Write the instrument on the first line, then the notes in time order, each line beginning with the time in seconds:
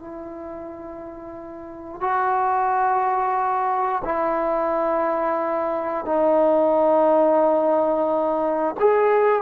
trombone
0.00 E4
2.01 F#4
4.05 E4
6.06 D#4
8.80 G#4